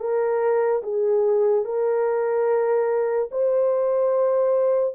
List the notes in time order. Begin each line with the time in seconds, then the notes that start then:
0.00 A#4
0.83 G#4
1.65 A#4
3.31 C5